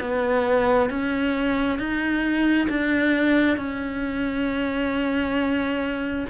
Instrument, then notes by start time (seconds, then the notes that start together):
cello
0.00 B3
0.90 C#4
1.78 D#4
2.69 D4
3.57 C#4